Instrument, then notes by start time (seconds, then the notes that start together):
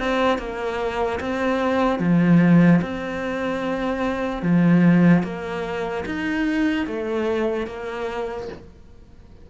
cello
0.00 C4
0.39 A#3
1.21 C4
2.00 F3
2.82 C4
4.43 F3
5.24 A#3
6.06 D#4
6.87 A3
7.67 A#3